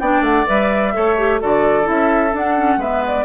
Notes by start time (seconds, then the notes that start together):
0.00 B3 D4 D5 G5
0.21 A3 F#5
0.47 G3 B4 E5
0.93 A3 A4 C#5
1.17 G4
1.41 D3 F#4 A4 D5
1.83 C#4 E4 E5
2.33 D4 F#5
2.57 C#4
2.77 G#3 B3 B4 E5
3.07 D5